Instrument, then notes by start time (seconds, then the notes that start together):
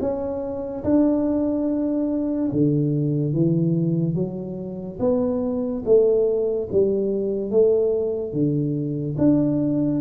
tuba
0.00 C#4
0.84 D4
2.52 D3
3.33 E3
4.15 F#3
4.99 B3
5.85 A3
6.72 G3
7.51 A3
8.33 D3
9.18 D4